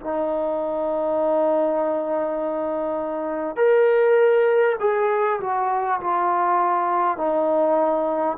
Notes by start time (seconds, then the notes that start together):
0.00 D#4
3.56 A#4
4.80 G#4
5.41 F#4
6.01 F4
7.17 D#4